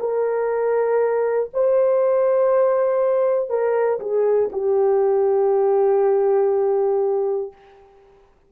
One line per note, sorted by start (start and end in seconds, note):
0.00 1.50 A#4
1.54 3.50 C5
3.50 4.00 A#4
4.00 4.50 G#4
4.53 7.53 G4